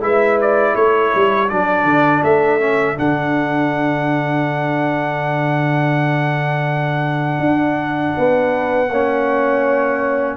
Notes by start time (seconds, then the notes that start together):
0.00 G#3 E4 B4 E5
0.41 D5
0.73 A3 A4 C#5
1.15 G3
1.49 F#3 D4 D5
1.84 D3
2.23 A3 E5
2.60 C#4
2.95 D3 D4 F#5
7.39 D4
8.17 B3 B4
8.89 A#3 C#4 C#5